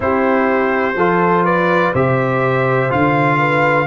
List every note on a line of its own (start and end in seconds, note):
0.00 0.95 C4
0.00 0.94 E4
0.00 0.96 G4
0.00 1.45 C5
0.95 1.92 F3
0.95 1.94 F4
0.95 1.44 A4
1.44 1.92 B4
1.44 1.93 D5
1.92 2.90 C3
1.92 2.89 G4
1.92 3.37 C5
1.92 2.91 E5
2.89 3.87 D3
2.89 3.86 F4
2.89 3.87 F5
3.39 3.87 B4